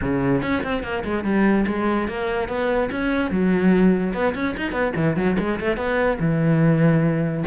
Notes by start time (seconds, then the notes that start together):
0.01 C#3
0.42 C#4
0.63 C4
0.83 A#3
1.04 G#3
1.24 G3
1.66 G#3
2.08 A#3
2.48 B3
2.91 C#4
3.30 F#3
4.13 B3
4.34 C#4
4.56 D#4
4.72 B3
4.96 E3
5.16 F#3
5.38 G#3
5.60 A3
5.76 B3
6.19 E3